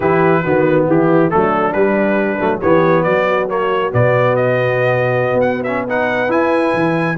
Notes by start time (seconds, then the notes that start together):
0.00 E3 E4 G4 B4
0.43 D#3 B3 F#4
0.87 E3 E4 G4
1.30 F#3 A3 D4 A4
1.72 G3 B4
2.39 F#3 A3
2.60 E3 B3 G4 C#5
3.03 F#3 F#4 D5
3.48 A#3 C#5
3.91 B2 B3 D5
4.35 D#5
5.33 B3
5.41 F#5
5.63 C#4 E5
5.87 D#4 B4 F#5
6.28 E4 G#5
6.74 E3